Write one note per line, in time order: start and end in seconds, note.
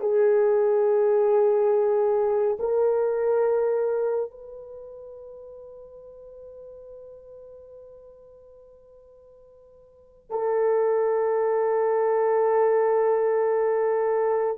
0.00 2.57 G#4
2.59 4.31 A#4
4.31 10.30 B4
10.30 14.58 A4